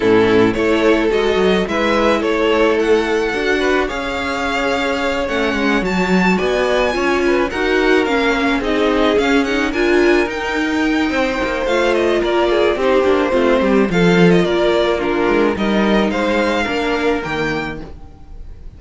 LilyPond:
<<
  \new Staff \with { instrumentName = "violin" } { \time 4/4 \tempo 4 = 108 a'4 cis''4 dis''4 e''4 | cis''4 fis''2 f''4~ | f''4. fis''4 a''4 gis''8~ | gis''4. fis''4 f''4 dis''8~ |
dis''8 f''8 fis''8 gis''4 g''4.~ | g''4 f''8 dis''8 d''4 c''4~ | c''4 f''8. dis''16 d''4 ais'4 | dis''4 f''2 g''4 | }
  \new Staff \with { instrumentName = "violin" } { \time 4/4 e'4 a'2 b'4 | a'2~ a'8 b'8 cis''4~ | cis''2.~ cis''8 d''8~ | d''8 cis''8 b'8 ais'2 gis'8~ |
gis'4. ais'2~ ais'8 | c''2 ais'8 gis'8 g'4 | f'8 g'8 a'4 ais'4 f'4 | ais'4 c''4 ais'2 | }
  \new Staff \with { instrumentName = "viola" } { \time 4/4 cis'4 e'4 fis'4 e'4~ | e'2 fis'4 gis'4~ | gis'4. cis'4 fis'4.~ | fis'8 f'4 fis'4 cis'4 dis'8~ |
dis'8 cis'8 dis'8 f'4 dis'4.~ | dis'4 f'2 dis'8 d'8 | c'4 f'2 d'4 | dis'2 d'4 ais4 | }
  \new Staff \with { instrumentName = "cello" } { \time 4/4 a,4 a4 gis8 fis8 gis4 | a2 d'4 cis'4~ | cis'4. a8 gis8 fis4 b8~ | b8 cis'4 dis'4 ais4 c'8~ |
c'8 cis'4 d'4 dis'4. | c'8 ais8 a4 ais4 c'8 ais8 | a8 g8 f4 ais4. gis8 | g4 gis4 ais4 dis4 | }
>>